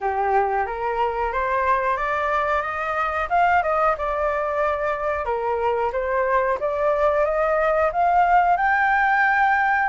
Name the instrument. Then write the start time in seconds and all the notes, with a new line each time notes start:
flute
0.00 G4
0.66 A#4
1.32 C5
1.96 D5
2.62 D#5
3.29 F5
3.62 D#5
3.97 D5
5.25 A#4
5.92 C5
6.60 D5
7.24 D#5
7.92 F5
8.57 G5